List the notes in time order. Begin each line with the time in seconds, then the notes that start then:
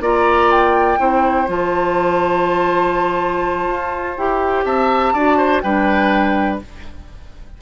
0.00 A#3 F4 D5 A#5
0.51 G5
0.98 C4 E4 C5
1.47 F3 F4 A5
3.67 F4
4.17 E4 G4 G5
4.64 C4 E5 A5
5.13 D4 F#4 D5
5.37 C5
5.61 G3 D4 B4 G5